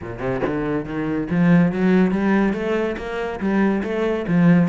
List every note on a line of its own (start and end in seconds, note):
0.01 0.19 A#2
0.19 0.40 C3
0.46 0.85 D3
0.85 1.27 D#3
1.30 1.72 F3
1.72 2.11 F#3
2.11 2.53 G3
2.53 2.96 A3
2.97 3.39 A#3
3.39 3.82 G3
3.83 4.25 A3
4.27 4.68 F3